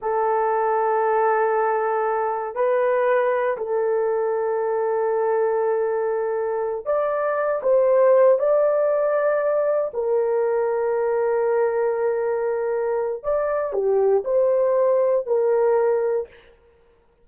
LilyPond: \new Staff \with { instrumentName = "horn" } { \time 4/4 \tempo 4 = 118 a'1~ | a'4 b'2 a'4~ | a'1~ | a'4. d''4. c''4~ |
c''8 d''2. ais'8~ | ais'1~ | ais'2 d''4 g'4 | c''2 ais'2 | }